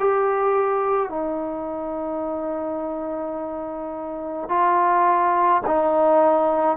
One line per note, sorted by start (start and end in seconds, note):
0.00 1.09 G4
1.09 4.49 D#4
4.49 5.62 F4
5.67 6.77 D#4